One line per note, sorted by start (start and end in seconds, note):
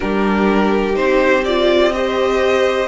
0.00 0.97 G3
0.00 0.93 D4
0.00 1.93 G4
0.00 0.95 A#4
0.93 2.87 C4
0.93 1.42 D#4
0.93 1.44 C5
1.44 1.93 F4
1.44 1.92 D5
1.92 2.87 G4
1.92 2.87 C5
1.92 2.87 D#5